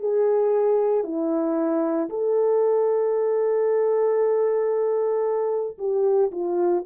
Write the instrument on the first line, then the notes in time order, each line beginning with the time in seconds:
horn
0.00 G#4
1.04 E4
2.10 A4
5.78 G4
6.32 F4